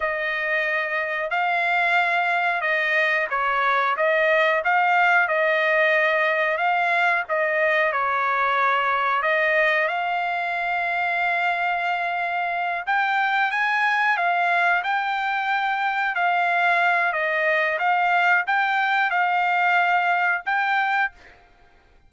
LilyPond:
\new Staff \with { instrumentName = "trumpet" } { \time 4/4 \tempo 4 = 91 dis''2 f''2 | dis''4 cis''4 dis''4 f''4 | dis''2 f''4 dis''4 | cis''2 dis''4 f''4~ |
f''2.~ f''8 g''8~ | g''8 gis''4 f''4 g''4.~ | g''8 f''4. dis''4 f''4 | g''4 f''2 g''4 | }